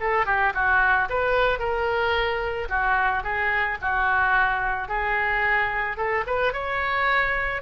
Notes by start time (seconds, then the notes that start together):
0.00 A4
0.26 G4
0.54 F#4
1.10 B4
1.59 A#4
2.69 F#4
3.23 G#4
3.81 F#4
4.88 G#4
5.97 A4
6.27 B4
6.53 C#5